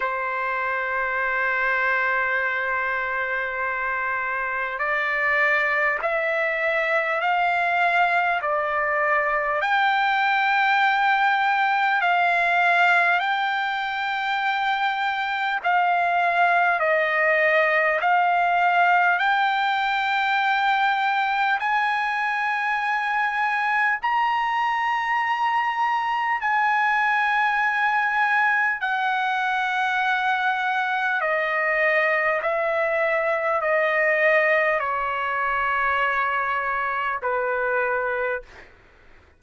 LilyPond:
\new Staff \with { instrumentName = "trumpet" } { \time 4/4 \tempo 4 = 50 c''1 | d''4 e''4 f''4 d''4 | g''2 f''4 g''4~ | g''4 f''4 dis''4 f''4 |
g''2 gis''2 | ais''2 gis''2 | fis''2 dis''4 e''4 | dis''4 cis''2 b'4 | }